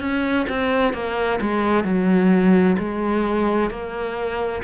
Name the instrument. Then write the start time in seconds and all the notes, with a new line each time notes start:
cello
0.00 C#4
0.49 C4
0.94 A#3
1.41 G#3
1.84 F#3
2.79 G#3
3.70 A#3